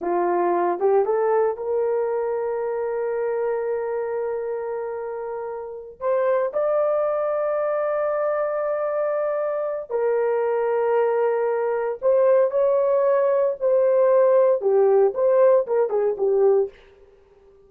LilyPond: \new Staff \with { instrumentName = "horn" } { \time 4/4 \tempo 4 = 115 f'4. g'8 a'4 ais'4~ | ais'1~ | ais'2.~ ais'8 c''8~ | c''8 d''2.~ d''8~ |
d''2. ais'4~ | ais'2. c''4 | cis''2 c''2 | g'4 c''4 ais'8 gis'8 g'4 | }